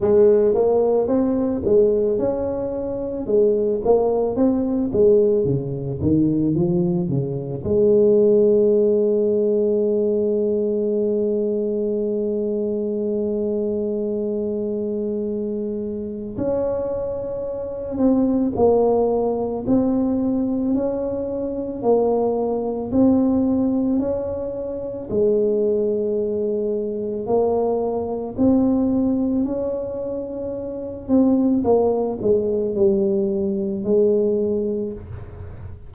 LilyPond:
\new Staff \with { instrumentName = "tuba" } { \time 4/4 \tempo 4 = 55 gis8 ais8 c'8 gis8 cis'4 gis8 ais8 | c'8 gis8 cis8 dis8 f8 cis8 gis4~ | gis1~ | gis2. cis'4~ |
cis'8 c'8 ais4 c'4 cis'4 | ais4 c'4 cis'4 gis4~ | gis4 ais4 c'4 cis'4~ | cis'8 c'8 ais8 gis8 g4 gis4 | }